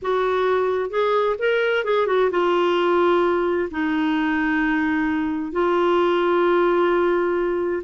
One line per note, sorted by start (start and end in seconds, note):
0.01 0.89 F#4
0.89 1.36 G#4
1.38 1.84 A#4
1.84 2.06 G#4
2.06 2.30 F#4
2.31 3.69 F4
3.70 5.52 D#4
5.52 7.83 F4